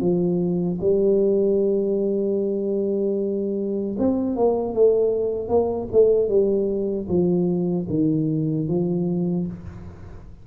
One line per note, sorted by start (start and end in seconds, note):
0.00 0.79 F3
0.81 3.97 G3
3.99 4.36 C4
4.36 4.74 A#3
4.74 5.49 A3
5.49 5.88 A#3
5.92 6.29 A3
6.29 7.08 G3
7.09 7.88 F3
7.89 8.68 D#3
8.68 9.47 F3